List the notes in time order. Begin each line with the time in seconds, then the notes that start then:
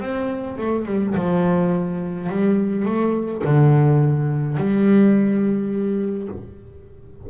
0.00 C4
0.57 A3
0.86 G3
1.15 F3
2.29 G3
2.85 A3
3.44 D3
4.57 G3